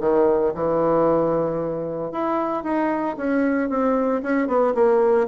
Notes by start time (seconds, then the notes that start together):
0.00 D#3
0.54 E3
2.12 E4
2.63 D#4
3.17 C#4
3.69 C4
4.22 C#4
4.47 B3
4.74 A#3